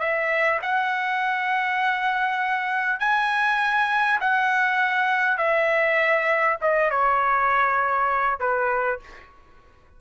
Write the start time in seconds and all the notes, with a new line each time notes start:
0.00 E5
0.62 F#5
3.00 G#5
4.21 F#5
5.38 E5
6.61 D#5
6.91 C#5
8.40 B4